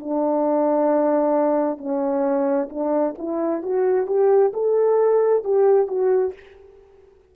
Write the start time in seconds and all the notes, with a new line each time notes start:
0.00 D4
1.78 C#4
2.69 D4
3.19 E4
3.63 F#4
4.07 G4
4.54 A4
5.44 G4
5.88 F#4